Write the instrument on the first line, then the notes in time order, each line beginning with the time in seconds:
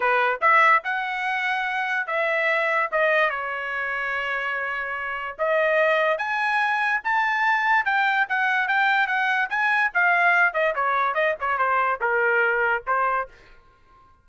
trumpet
0.00 B4
0.41 E5
0.84 F#5
2.06 E5
2.91 D#5
3.30 C#5
5.38 D#5
6.18 G#5
7.04 A5
7.85 G5
8.28 F#5
8.67 G5
9.07 F#5
9.49 G#5
9.93 F5
10.53 D#5
10.75 C#5
11.14 D#5
11.40 C#5
11.57 C5
12.00 A#4
12.87 C5